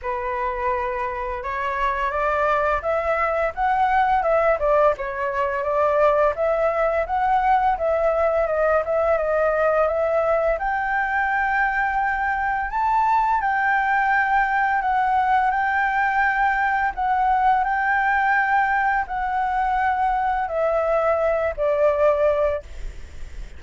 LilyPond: \new Staff \with { instrumentName = "flute" } { \time 4/4 \tempo 4 = 85 b'2 cis''4 d''4 | e''4 fis''4 e''8 d''8 cis''4 | d''4 e''4 fis''4 e''4 | dis''8 e''8 dis''4 e''4 g''4~ |
g''2 a''4 g''4~ | g''4 fis''4 g''2 | fis''4 g''2 fis''4~ | fis''4 e''4. d''4. | }